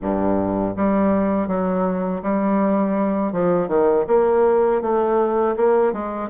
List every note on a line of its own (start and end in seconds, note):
0.01 0.75 G2
0.76 1.47 G3
1.47 2.22 F#3
2.22 3.32 G3
3.32 3.68 F3
3.68 4.05 D#3
4.07 4.81 A#3
4.81 5.55 A3
5.56 5.92 A#3
5.92 6.29 G#3